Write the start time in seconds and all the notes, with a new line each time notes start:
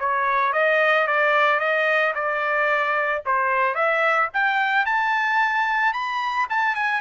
0.00 C#5
0.53 D#5
1.08 D5
1.60 D#5
2.15 D5
3.26 C5
3.75 E5
4.34 G5
4.86 A5
5.93 B5
6.50 A5
6.75 G#5